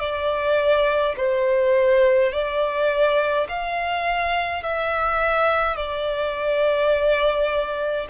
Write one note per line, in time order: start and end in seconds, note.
0.00 1.15 D5
1.17 2.32 C5
2.32 3.47 D5
3.49 4.63 F5
4.63 5.76 E5
5.76 8.07 D5